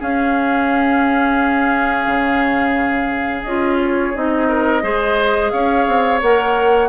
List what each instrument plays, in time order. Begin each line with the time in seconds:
0.00 clarinet C#4, bassoon C#4, oboe G#4, flute F5
2.07 bassoon C#3
3.43 bassoon C#4, clarinet F4, flute D#5
3.81 flute C#5
4.15 bassoon C4, clarinet D#4, flute D#5
4.49 oboe A#4
4.82 bassoon G#3, clarinet G#4, oboe C5
5.51 bassoon C#4, oboe C#5, flute F5
5.87 bassoon C4
6.22 bassoon A#3, clarinet A#4, flute F#5